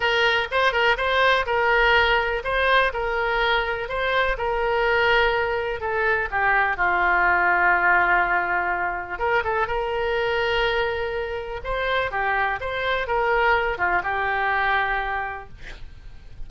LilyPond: \new Staff \with { instrumentName = "oboe" } { \time 4/4 \tempo 4 = 124 ais'4 c''8 ais'8 c''4 ais'4~ | ais'4 c''4 ais'2 | c''4 ais'2. | a'4 g'4 f'2~ |
f'2. ais'8 a'8 | ais'1 | c''4 g'4 c''4 ais'4~ | ais'8 f'8 g'2. | }